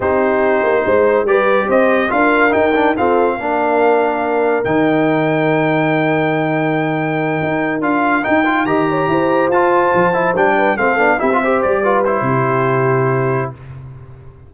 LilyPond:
<<
  \new Staff \with { instrumentName = "trumpet" } { \time 4/4 \tempo 4 = 142 c''2. d''4 | dis''4 f''4 g''4 f''4~ | f''2. g''4~ | g''1~ |
g''2~ g''8 f''4 g''8~ | g''8 ais''2 a''4.~ | a''8 g''4 f''4 e''4 d''8~ | d''8 c''2.~ c''8 | }
  \new Staff \with { instrumentName = "horn" } { \time 4/4 g'2 c''4 b'4 | c''4 ais'2 a'4 | ais'1~ | ais'1~ |
ais'1~ | ais'8 dis''8 cis''8 c''2~ c''8~ | c''4 b'8 a'4 g'8 c''4 | b'4 g'2. | }
  \new Staff \with { instrumentName = "trombone" } { \time 4/4 dis'2. g'4~ | g'4 f'4 dis'8 d'8 c'4 | d'2. dis'4~ | dis'1~ |
dis'2~ dis'8 f'4 dis'8 | f'8 g'2 f'4. | e'8 d'4 c'8 d'8 e'16 f'16 g'4 | f'8 e'2.~ e'8 | }
  \new Staff \with { instrumentName = "tuba" } { \time 4/4 c'4. ais8 gis4 g4 | c'4 d'4 dis'4 f'4 | ais2. dis4~ | dis1~ |
dis4. dis'4 d'4 dis'8~ | dis'8 dis4 e'4 f'4 f8~ | f8 g4 a8 b8 c'4 g8~ | g4 c2. | }
>>